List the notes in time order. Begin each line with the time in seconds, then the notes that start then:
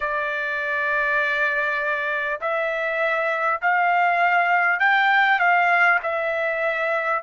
0.00 D5
2.40 E5
3.61 F5
4.79 G5
5.39 F5
6.02 E5